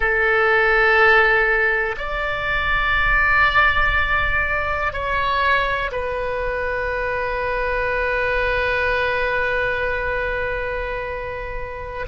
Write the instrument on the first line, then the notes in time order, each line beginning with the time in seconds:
oboe
0.00 A4
1.97 D5
4.92 C#5
5.92 B4